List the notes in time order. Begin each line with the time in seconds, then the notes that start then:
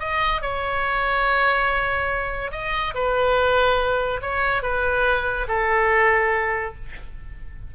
0.00 D#5
0.42 C#5
2.52 D#5
2.95 B4
4.22 C#5
4.63 B4
5.48 A4